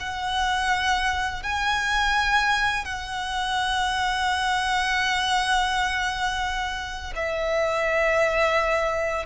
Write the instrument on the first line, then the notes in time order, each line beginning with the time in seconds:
violin
0.00 F#5
1.43 G#5
2.85 F#5
7.16 E5